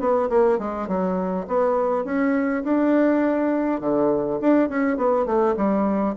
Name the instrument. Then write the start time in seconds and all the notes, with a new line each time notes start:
bassoon
0.00 B3
0.30 A#3
0.59 G#3
0.88 F#3
1.48 B3
2.05 C#4
2.64 D4
3.81 D3
4.41 D4
4.69 C#4
4.98 B3
5.26 A3
5.57 G3